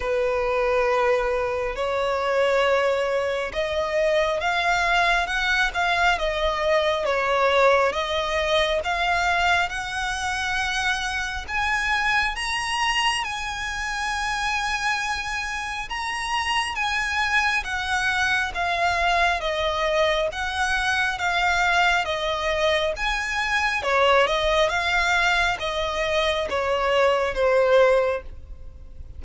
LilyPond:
\new Staff \with { instrumentName = "violin" } { \time 4/4 \tempo 4 = 68 b'2 cis''2 | dis''4 f''4 fis''8 f''8 dis''4 | cis''4 dis''4 f''4 fis''4~ | fis''4 gis''4 ais''4 gis''4~ |
gis''2 ais''4 gis''4 | fis''4 f''4 dis''4 fis''4 | f''4 dis''4 gis''4 cis''8 dis''8 | f''4 dis''4 cis''4 c''4 | }